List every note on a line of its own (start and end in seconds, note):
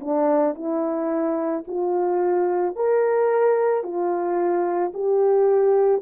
0.00 0.55 D4
0.55 1.64 E4
1.68 2.76 F4
2.76 3.83 A#4
3.83 4.92 F4
4.93 6.02 G4